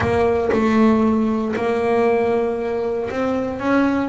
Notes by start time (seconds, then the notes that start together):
0.00 A#3
0.52 A3
1.55 A#3
3.10 C4
3.59 C#4